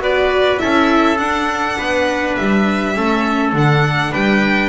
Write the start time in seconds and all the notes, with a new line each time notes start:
0.00 B3 F#4 B4 D5
0.59 C#4 E4 A4 E5
1.18 D4 F#5
1.78 B3 B4
2.36 G3 E5
2.95 A3 C#4 A4
3.54 D3 D4 F#5
4.12 G3 B4 G5